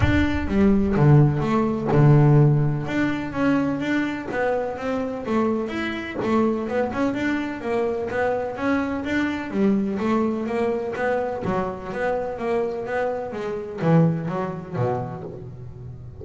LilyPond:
\new Staff \with { instrumentName = "double bass" } { \time 4/4 \tempo 4 = 126 d'4 g4 d4 a4 | d2 d'4 cis'4 | d'4 b4 c'4 a4 | e'4 a4 b8 cis'8 d'4 |
ais4 b4 cis'4 d'4 | g4 a4 ais4 b4 | fis4 b4 ais4 b4 | gis4 e4 fis4 b,4 | }